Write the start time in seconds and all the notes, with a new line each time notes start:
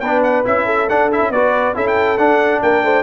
0.00 B3 D4 B4 G5
0.23 F#5
0.45 C#4 E4 E5
0.66 A4
0.89 D4 F#5
1.12 E4 E5
1.21 C#4
1.30 B3 F#4 B4 D5
1.74 C#4 E4 A4 E5
1.87 G5
2.18 D4 F#5
2.62 A#3 A#4 G5
2.83 A3 C5